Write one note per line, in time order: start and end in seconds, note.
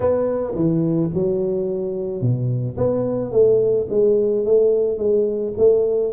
0.00 0.54 B3
0.55 1.10 E3
1.13 2.21 F#3
2.21 2.76 B2
2.77 3.31 B3
3.31 3.87 A3
3.89 4.45 G#3
4.45 4.97 A3
4.97 5.53 G#3
5.57 6.12 A3